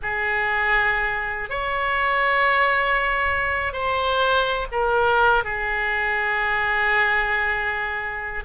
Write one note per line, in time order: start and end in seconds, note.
0.02 1.49 G#4
1.49 3.73 C#5
3.73 4.66 C5
4.71 5.44 A#4
5.44 8.44 G#4